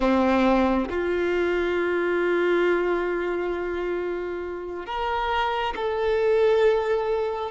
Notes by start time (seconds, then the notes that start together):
0.00 C4
0.89 F4
4.85 A#4
5.76 A4